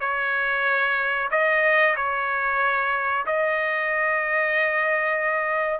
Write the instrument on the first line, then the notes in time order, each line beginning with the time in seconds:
trumpet
0.00 C#5
1.31 D#5
1.96 C#5
3.26 D#5